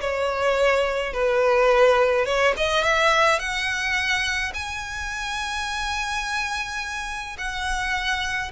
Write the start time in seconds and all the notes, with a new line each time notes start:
0.00 C#5
1.13 B4
2.25 C#5
2.56 D#5
2.84 E5
3.39 F#5
4.54 G#5
7.38 F#5